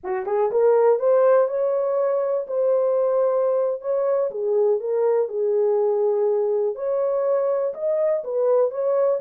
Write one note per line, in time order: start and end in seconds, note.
0.03 0.26 F#4
0.26 0.50 G#4
0.51 0.99 A#4
0.99 1.48 C5
1.48 2.46 C#5
2.47 3.81 C5
3.81 4.30 C#5
4.31 4.80 G#4
4.80 5.28 A#4
5.28 6.75 G#4
6.75 7.73 C#5
7.73 8.23 D#5
8.24 8.70 B4
8.70 9.20 C#5